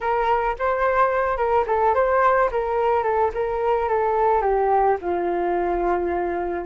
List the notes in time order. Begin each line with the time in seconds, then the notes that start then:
0.00 A#4
0.58 C5
1.37 A#4
1.66 A4
1.94 C5
2.51 A#4
3.03 A4
3.34 A#4
3.88 A4
4.41 G4
5.01 F4